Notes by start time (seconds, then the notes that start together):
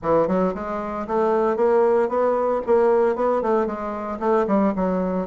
0.02 E3
0.27 F#3
0.54 G#3
1.07 A3
1.56 A#3
2.08 B3
2.66 A#3
3.15 B3
3.42 A3
3.66 G#3
4.19 A3
4.47 G3
4.75 F#3